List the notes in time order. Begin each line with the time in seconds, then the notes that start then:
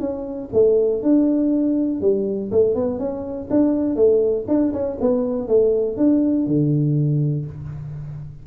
0.00 C#4
0.53 A3
1.03 D4
2.01 G3
2.51 A3
2.75 B3
2.99 C#4
3.50 D4
3.96 A3
4.48 D4
4.73 C#4
5.01 B3
5.48 A3
5.97 D4
6.47 D3